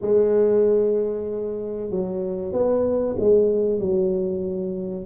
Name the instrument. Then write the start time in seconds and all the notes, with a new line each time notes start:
tuba
0.01 G#3
1.90 F#3
2.52 B3
3.19 G#3
3.79 F#3